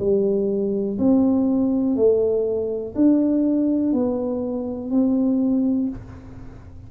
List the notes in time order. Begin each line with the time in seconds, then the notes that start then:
0.00 G3
0.98 C4
1.96 A3
2.96 D4
3.93 B3
4.91 C4